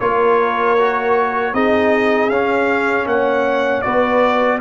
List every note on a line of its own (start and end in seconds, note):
0.00 1.53 A#3
0.00 0.78 F4
0.00 1.53 A#4
0.00 1.54 C#5
0.78 1.54 F#4
1.53 2.29 C4
1.53 2.31 D#4
1.53 3.07 G#4
1.53 2.29 D#5
2.29 3.06 C#4
2.29 3.83 C#4
2.29 3.06 F5
3.06 3.83 A#3
3.06 3.85 C#5
3.06 3.81 F#5
3.81 4.61 B3
3.81 4.60 F#4
3.81 4.61 B4
3.81 4.58 D5